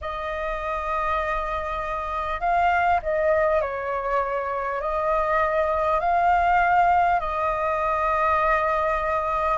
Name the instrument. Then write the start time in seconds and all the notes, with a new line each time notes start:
flute
0.01 D#5
2.40 F5
3.02 D#5
3.61 C#5
4.81 D#5
6.00 F5
7.20 D#5